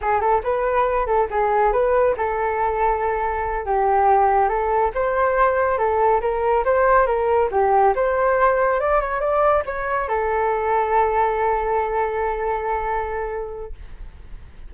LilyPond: \new Staff \with { instrumentName = "flute" } { \time 4/4 \tempo 4 = 140 gis'8 a'8 b'4. a'8 gis'4 | b'4 a'2.~ | a'8 g'2 a'4 c''8~ | c''4. a'4 ais'4 c''8~ |
c''8 ais'4 g'4 c''4.~ | c''8 d''8 cis''8 d''4 cis''4 a'8~ | a'1~ | a'1 | }